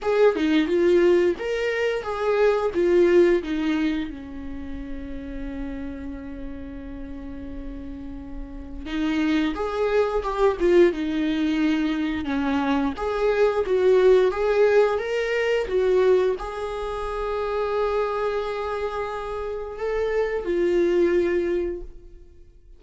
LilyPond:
\new Staff \with { instrumentName = "viola" } { \time 4/4 \tempo 4 = 88 gis'8 dis'8 f'4 ais'4 gis'4 | f'4 dis'4 cis'2~ | cis'1~ | cis'4 dis'4 gis'4 g'8 f'8 |
dis'2 cis'4 gis'4 | fis'4 gis'4 ais'4 fis'4 | gis'1~ | gis'4 a'4 f'2 | }